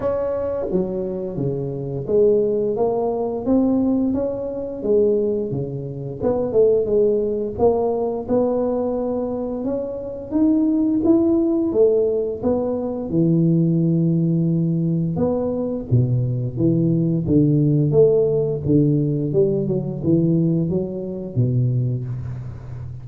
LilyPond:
\new Staff \with { instrumentName = "tuba" } { \time 4/4 \tempo 4 = 87 cis'4 fis4 cis4 gis4 | ais4 c'4 cis'4 gis4 | cis4 b8 a8 gis4 ais4 | b2 cis'4 dis'4 |
e'4 a4 b4 e4~ | e2 b4 b,4 | e4 d4 a4 d4 | g8 fis8 e4 fis4 b,4 | }